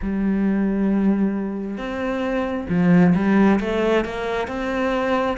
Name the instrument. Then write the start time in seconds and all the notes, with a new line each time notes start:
cello
0.02 G3
1.77 C4
2.69 F3
3.15 G3
3.59 A3
4.05 A#3
4.47 C4